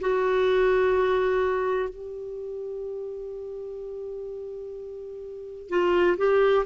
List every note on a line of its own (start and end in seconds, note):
0.00 1.89 F#4
1.89 5.69 G4
5.69 6.16 F4
6.17 6.65 G4